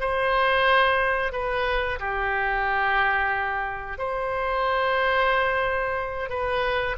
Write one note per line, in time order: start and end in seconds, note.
0.00 1.32 C5
1.32 1.99 B4
1.99 3.98 G4
3.98 6.30 C5
6.30 6.96 B4